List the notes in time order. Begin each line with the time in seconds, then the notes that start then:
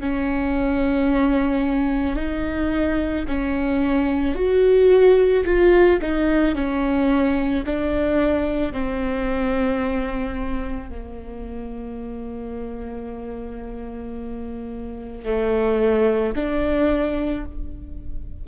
0.00 C#4
2.16 D#4
3.27 C#4
4.34 F#4
5.45 F4
6.01 D#4
6.55 C#4
7.66 D4
8.72 C4
10.89 A#3
15.25 A3
16.35 D4